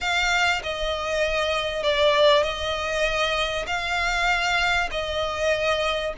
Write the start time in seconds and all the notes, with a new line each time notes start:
0.01 F5
0.63 D#5
1.83 D5
2.43 D#5
3.67 F5
4.91 D#5